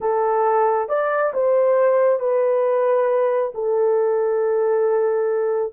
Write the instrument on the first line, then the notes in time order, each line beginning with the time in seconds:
horn
0.00 A4
0.88 D5
1.33 C5
2.19 B4
3.54 A4